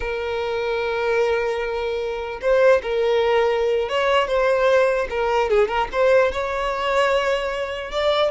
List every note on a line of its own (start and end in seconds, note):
0.00 2.40 A#4
2.41 2.81 C5
2.82 3.88 A#4
3.88 4.27 C#5
4.27 5.07 C5
5.10 5.50 A#4
5.50 5.68 G#4
5.68 5.88 A#4
5.91 6.31 C5
6.32 7.91 C#5
7.91 8.31 D5